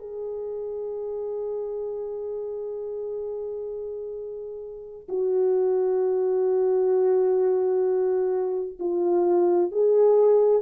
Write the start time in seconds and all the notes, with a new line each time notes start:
0.00 G#4
5.09 F#4
8.80 F4
9.72 G#4